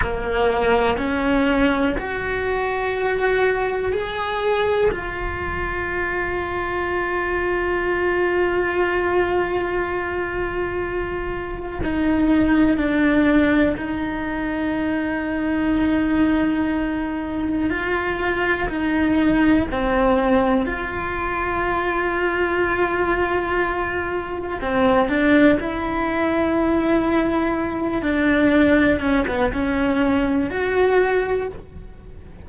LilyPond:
\new Staff \with { instrumentName = "cello" } { \time 4/4 \tempo 4 = 61 ais4 cis'4 fis'2 | gis'4 f'2.~ | f'1 | dis'4 d'4 dis'2~ |
dis'2 f'4 dis'4 | c'4 f'2.~ | f'4 c'8 d'8 e'2~ | e'8 d'4 cis'16 b16 cis'4 fis'4 | }